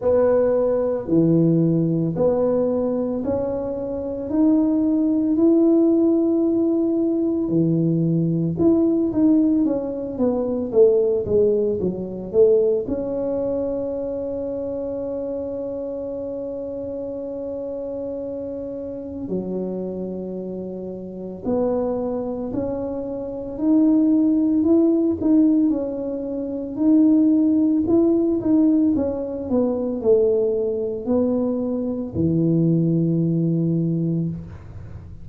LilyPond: \new Staff \with { instrumentName = "tuba" } { \time 4/4 \tempo 4 = 56 b4 e4 b4 cis'4 | dis'4 e'2 e4 | e'8 dis'8 cis'8 b8 a8 gis8 fis8 a8 | cis'1~ |
cis'2 fis2 | b4 cis'4 dis'4 e'8 dis'8 | cis'4 dis'4 e'8 dis'8 cis'8 b8 | a4 b4 e2 | }